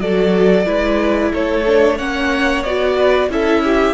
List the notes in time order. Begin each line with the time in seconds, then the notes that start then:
0.00 F#3 F#4 A4 D5
0.66 G#3 E4 B4
1.32 A3 A4 C#5
1.66 D4
1.96 A#3 C#4 C#5 F#5
2.63 B3 F#4 D5
2.97 B4
3.29 C#4 E4 A4 E5
3.64 G4